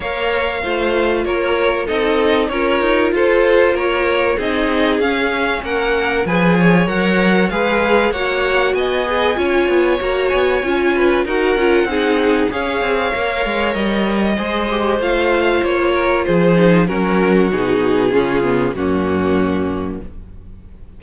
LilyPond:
<<
  \new Staff \with { instrumentName = "violin" } { \time 4/4 \tempo 4 = 96 f''2 cis''4 dis''4 | cis''4 c''4 cis''4 dis''4 | f''4 fis''4 gis''4 fis''4 | f''4 fis''4 gis''2 |
ais''8 gis''4. fis''2 | f''2 dis''2 | f''4 cis''4 c''4 ais'4 | gis'2 fis'2 | }
  \new Staff \with { instrumentName = "violin" } { \time 4/4 cis''4 c''4 ais'4 a'4 | ais'4 a'4 ais'4 gis'4~ | gis'4 ais'4 b'8 cis''4. | b'4 cis''4 dis''4 cis''4~ |
cis''4. b'8 ais'4 gis'4 | cis''2. c''4~ | c''4. ais'8 gis'4 fis'4~ | fis'4 f'4 cis'2 | }
  \new Staff \with { instrumentName = "viola" } { \time 4/4 ais'4 f'2 dis'4 | f'2. dis'4 | cis'2 gis'4 ais'4 | gis'4 fis'4. gis'8 f'4 |
fis'4 f'4 fis'8 f'8 dis'4 | gis'4 ais'2 gis'8 g'8 | f'2~ f'8 dis'8 cis'4 | dis'4 cis'8 b8 ais2 | }
  \new Staff \with { instrumentName = "cello" } { \time 4/4 ais4 a4 ais4 c'4 | cis'8 dis'8 f'4 ais4 c'4 | cis'4 ais4 f4 fis4 | gis4 ais4 b4 cis'8 b8 |
ais8 b8 cis'4 dis'8 cis'8 c'4 | cis'8 c'8 ais8 gis8 g4 gis4 | a4 ais4 f4 fis4 | b,4 cis4 fis,2 | }
>>